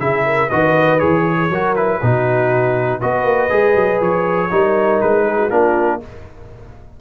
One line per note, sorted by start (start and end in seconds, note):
0.00 0.50 C#3
0.00 0.50 E4
0.00 0.26 G#4
0.00 0.50 E5
0.26 0.49 A#4
0.49 1.02 D#3
0.49 1.00 F#4
0.49 1.24 B4
0.49 0.99 D#5
0.99 1.50 E3
0.99 1.50 G#4
0.99 1.74 C#5
1.26 1.51 G#4
1.50 2.00 F#3
1.50 1.77 F#4
1.50 2.00 A#4
1.76 2.02 E4
1.76 3.01 B4
2.00 3.02 B2
2.00 3.01 D#4
2.00 3.00 F#4
3.00 3.24 B3
3.00 3.50 F#4
3.00 4.50 B4
3.00 4.01 D#5
3.24 3.49 A#3
3.50 3.76 G#3
3.50 4.50 G#4
3.76 4.01 F#3
4.01 4.51 F3
4.01 5.01 C#5
4.51 5.02 G3
4.51 5.51 D#4
4.51 5.26 A#4
5.01 5.51 G#3
5.01 5.51 B4
5.26 5.38 G#4
5.38 5.51 F#4
5.51 6.01 A#3
5.51 6.01 D4
5.51 6.01 F4
5.51 6.01 A#4